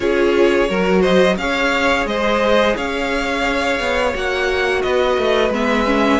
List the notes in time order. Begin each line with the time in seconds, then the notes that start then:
0.00 C#4 F4 G#4 C#5
0.69 F#3 F#4 A#4
1.01 C5 D#5
1.37 C#4 G#4 C#5 F5
2.05 G#3 C5 D#5
2.75 C#4 C#5 F5
3.79 B3
4.13 A#3 F#4 F#5
4.82 B3 B4 D#5
5.17 A3
5.50 G#3 B3 E5
5.85 C#4